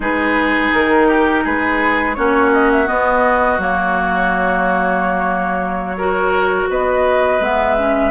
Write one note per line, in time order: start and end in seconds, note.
0.00 0.69 G#3
0.00 2.15 D#4
0.00 1.07 G#4
0.00 0.74 B4
0.73 1.45 D#3
0.73 1.46 A#4
1.07 1.43 G4
1.43 2.17 G#3
1.43 2.16 G#4
1.43 2.14 B4
2.14 2.88 A#3
2.14 2.85 C#4
2.14 5.96 F#4
2.14 2.50 C#5
2.53 2.71 D#5
2.71 2.87 E5
2.85 3.57 B3
2.85 3.58 B3
2.85 3.60 D#5
3.58 6.65 F#3
3.58 5.95 A#3
3.58 6.68 C#5
5.97 7.41 F#4
5.97 6.69 A#4
6.69 7.39 B3
6.69 8.11 B4
6.69 7.43 D#5
7.39 8.11 G#3
7.39 7.77 B3
7.39 8.11 E5
7.77 8.11 C#4